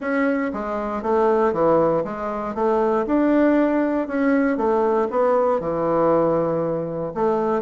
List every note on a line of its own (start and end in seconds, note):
0.00 0.51 C#4
0.53 1.02 G#3
1.02 1.52 A3
1.52 2.03 E3
2.04 2.54 G#3
2.54 3.05 A3
3.06 4.07 D4
4.07 4.57 C#4
4.57 5.08 A3
5.10 5.60 B3
5.60 7.12 E3
7.14 7.62 A3